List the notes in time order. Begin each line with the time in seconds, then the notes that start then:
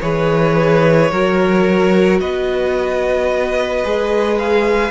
0.00 E3 G#4 B4 C#5
1.12 F#3 F#4 A#4
2.21 B3 B4 D#5
3.85 G#3 G#4
4.39 F5